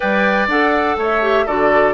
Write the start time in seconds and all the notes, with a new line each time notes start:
0.00 G3 B4 D5 G5
0.47 D4 A4 F#5
0.97 A3 C#5 E5
1.22 G4
1.45 D3 F#4 A4 D5